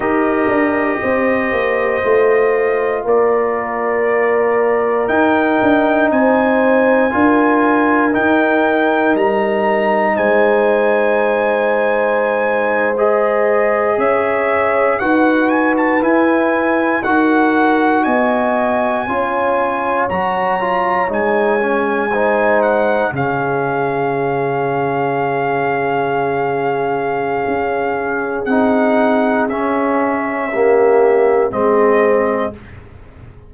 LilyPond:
<<
  \new Staff \with { instrumentName = "trumpet" } { \time 4/4 \tempo 4 = 59 dis''2. d''4~ | d''4 g''4 gis''2 | g''4 ais''4 gis''2~ | gis''8. dis''4 e''4 fis''8 gis''16 a''16 gis''16~ |
gis''8. fis''4 gis''2 ais''16~ | ais''8. gis''4. fis''8 f''4~ f''16~ | f''1 | fis''4 e''2 dis''4 | }
  \new Staff \with { instrumentName = "horn" } { \time 4/4 ais'4 c''2 ais'4~ | ais'2 c''4 ais'4~ | ais'2 c''2~ | c''4.~ c''16 cis''4 b'4~ b'16~ |
b'8. ais'4 dis''4 cis''4~ cis''16~ | cis''4.~ cis''16 c''4 gis'4~ gis'16~ | gis'1~ | gis'2 g'4 gis'4 | }
  \new Staff \with { instrumentName = "trombone" } { \time 4/4 g'2 f'2~ | f'4 dis'2 f'4 | dis'1~ | dis'8. gis'2 fis'4 e'16~ |
e'8. fis'2 f'4 fis'16~ | fis'16 f'8 dis'8 cis'8 dis'4 cis'4~ cis'16~ | cis'1 | dis'4 cis'4 ais4 c'4 | }
  \new Staff \with { instrumentName = "tuba" } { \time 4/4 dis'8 d'8 c'8 ais8 a4 ais4~ | ais4 dis'8 d'8 c'4 d'4 | dis'4 g4 gis2~ | gis4.~ gis16 cis'4 dis'4 e'16~ |
e'8. dis'4 b4 cis'4 fis16~ | fis8. gis2 cis4~ cis16~ | cis2. cis'4 | c'4 cis'2 gis4 | }
>>